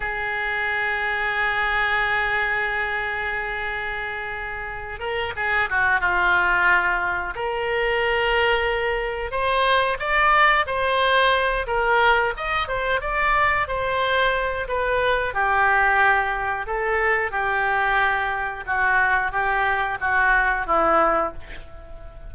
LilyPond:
\new Staff \with { instrumentName = "oboe" } { \time 4/4 \tempo 4 = 90 gis'1~ | gis'2.~ gis'8 ais'8 | gis'8 fis'8 f'2 ais'4~ | ais'2 c''4 d''4 |
c''4. ais'4 dis''8 c''8 d''8~ | d''8 c''4. b'4 g'4~ | g'4 a'4 g'2 | fis'4 g'4 fis'4 e'4 | }